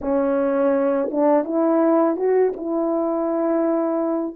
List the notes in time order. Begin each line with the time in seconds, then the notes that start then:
0.01 C#4
1.11 D4
1.44 E4
2.16 F#4
2.56 E4